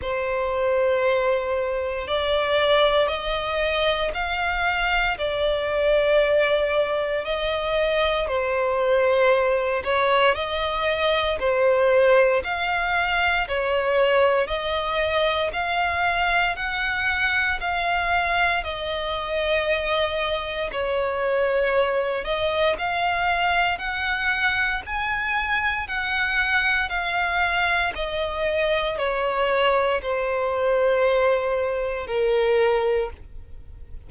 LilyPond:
\new Staff \with { instrumentName = "violin" } { \time 4/4 \tempo 4 = 58 c''2 d''4 dis''4 | f''4 d''2 dis''4 | c''4. cis''8 dis''4 c''4 | f''4 cis''4 dis''4 f''4 |
fis''4 f''4 dis''2 | cis''4. dis''8 f''4 fis''4 | gis''4 fis''4 f''4 dis''4 | cis''4 c''2 ais'4 | }